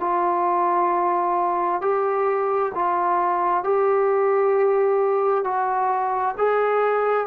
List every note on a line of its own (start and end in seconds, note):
0.00 1.81 F4
1.81 2.72 G4
2.75 3.64 F4
3.64 5.44 G4
5.44 6.35 F#4
6.38 7.27 G#4